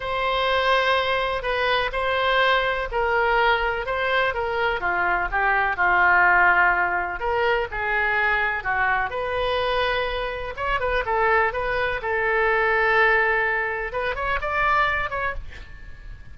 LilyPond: \new Staff \with { instrumentName = "oboe" } { \time 4/4 \tempo 4 = 125 c''2. b'4 | c''2 ais'2 | c''4 ais'4 f'4 g'4 | f'2. ais'4 |
gis'2 fis'4 b'4~ | b'2 cis''8 b'8 a'4 | b'4 a'2.~ | a'4 b'8 cis''8 d''4. cis''8 | }